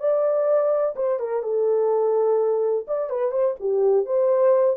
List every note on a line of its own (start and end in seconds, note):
0.00 0.95 D5
0.96 1.19 C5
1.19 1.43 A#4
1.43 2.86 A4
2.87 3.10 D5
3.10 3.31 B4
3.31 3.55 C5
3.60 4.06 G4
4.06 4.77 C5